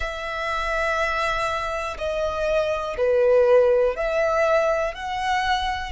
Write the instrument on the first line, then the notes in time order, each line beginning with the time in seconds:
violin
0.00 E5
1.98 D#5
2.97 B4
3.96 E5
4.94 F#5